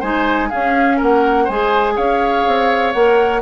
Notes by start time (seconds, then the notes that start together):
0.00 G#3 D#4 C5 G#5
0.50 C#4 G#4 F5
0.97 A#3 A#4 F#5
1.44 G#3 G#4 C5 G#5
1.96 C#4 C#5 F5
2.47 C4
2.93 A#3 A#4 F#5